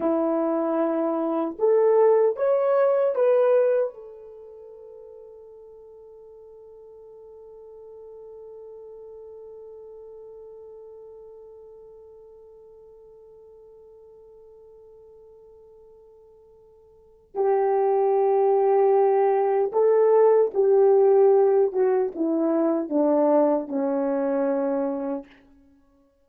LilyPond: \new Staff \with { instrumentName = "horn" } { \time 4/4 \tempo 4 = 76 e'2 a'4 cis''4 | b'4 a'2.~ | a'1~ | a'1~ |
a'1~ | a'2 g'2~ | g'4 a'4 g'4. fis'8 | e'4 d'4 cis'2 | }